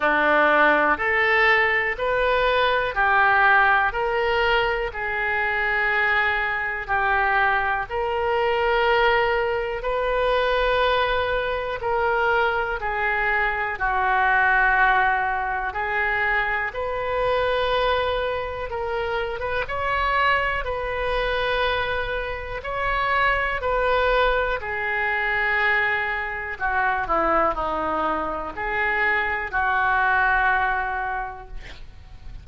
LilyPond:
\new Staff \with { instrumentName = "oboe" } { \time 4/4 \tempo 4 = 61 d'4 a'4 b'4 g'4 | ais'4 gis'2 g'4 | ais'2 b'2 | ais'4 gis'4 fis'2 |
gis'4 b'2 ais'8. b'16 | cis''4 b'2 cis''4 | b'4 gis'2 fis'8 e'8 | dis'4 gis'4 fis'2 | }